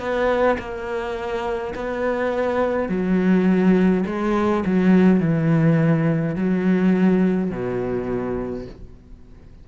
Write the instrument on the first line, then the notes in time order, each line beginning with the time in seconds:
cello
0.00 B3
0.59 A#3
1.75 B3
2.89 F#3
4.06 G#3
4.66 F#3
5.20 E3
6.36 F#3
7.51 B2